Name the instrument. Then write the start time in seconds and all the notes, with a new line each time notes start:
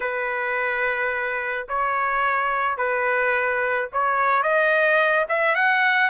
trumpet
0.00 B4
1.68 C#5
2.77 B4
3.92 C#5
4.42 D#5
5.28 E5
5.55 F#5